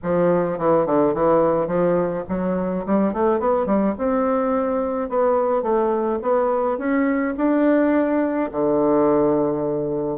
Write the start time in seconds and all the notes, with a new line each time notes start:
0.02 F3
0.58 E3
0.85 D3
1.13 E3
1.67 F3
2.28 F#3
2.86 G3
3.13 A3
3.39 B3
3.66 G3
3.98 C4
5.09 B3
5.62 A3
6.22 B3
6.77 C#4
7.37 D4
8.51 D3